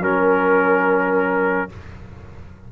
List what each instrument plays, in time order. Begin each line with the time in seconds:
0.00 tuba F#3, trombone C#4, horn A#4, trumpet A#4